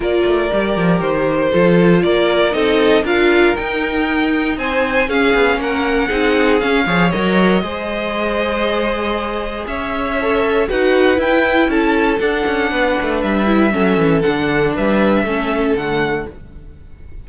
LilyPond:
<<
  \new Staff \with { instrumentName = "violin" } { \time 4/4 \tempo 4 = 118 d''2 c''2 | d''4 dis''4 f''4 g''4~ | g''4 gis''4 f''4 fis''4~ | fis''4 f''4 dis''2~ |
dis''2. e''4~ | e''4 fis''4 g''4 a''4 | fis''2 e''2 | fis''4 e''2 fis''4 | }
  \new Staff \with { instrumentName = "violin" } { \time 4/4 ais'2. a'4 | ais'4 a'4 ais'2~ | ais'4 c''4 gis'4 ais'4 | gis'4. cis''4. c''4~ |
c''2. cis''4~ | cis''4 b'2 a'4~ | a'4 b'2 a'4~ | a'4 b'4 a'2 | }
  \new Staff \with { instrumentName = "viola" } { \time 4/4 f'4 g'2 f'4~ | f'4 dis'4 f'4 dis'4~ | dis'2 cis'2 | dis'4 cis'8 gis'8 ais'4 gis'4~ |
gis'1 | a'4 fis'4 e'2 | d'2~ d'8 e'8 cis'4 | d'2 cis'4 a4 | }
  \new Staff \with { instrumentName = "cello" } { \time 4/4 ais8 a8 g8 f8 dis4 f4 | ais4 c'4 d'4 dis'4~ | dis'4 c'4 cis'8 b8 ais4 | c'4 cis'8 f8 fis4 gis4~ |
gis2. cis'4~ | cis'4 dis'4 e'4 cis'4 | d'8 cis'8 b8 a8 g4 fis8 e8 | d4 g4 a4 d4 | }
>>